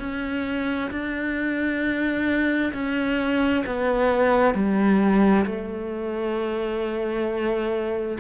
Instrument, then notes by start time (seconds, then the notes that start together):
cello
0.00 C#4
0.91 D4
2.74 C#4
3.67 B3
4.55 G3
5.46 A3